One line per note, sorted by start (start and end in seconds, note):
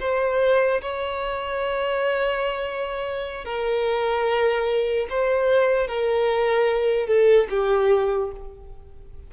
0.00 0.81 C5
0.81 3.45 C#5
3.45 5.07 A#4
5.10 5.88 C5
5.88 7.07 A#4
7.07 7.47 A4
7.50 8.31 G4